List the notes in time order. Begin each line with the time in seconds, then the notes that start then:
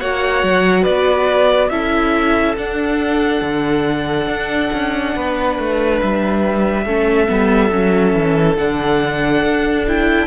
0.00 A#3 F#4 C#5 F#5
0.44 F#3
0.82 B3 B4 D5
1.69 C#4 E4 A4 E5
2.57 D4 F#5
3.42 D3
4.27 D4
4.73 C#4
5.15 B3 B4
5.58 A3
6.01 G3 E5
6.85 A3 C#4 A4
7.28 G3 B3
7.72 F#3 C#4
8.14 E3
8.57 D3 D4 F#5
9.42 D4
9.87 E4 G5